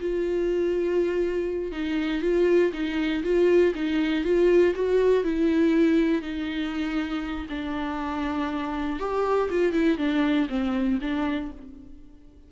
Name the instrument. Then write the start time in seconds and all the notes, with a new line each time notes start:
viola
0.00 F4
1.72 D#4
2.22 F4
2.73 D#4
3.23 F4
3.75 D#4
4.24 F4
4.75 F#4
5.24 E4
6.22 D#4
7.49 D4
8.99 G4
9.50 F4
9.72 E4
9.98 D4
10.49 C4
11.01 D4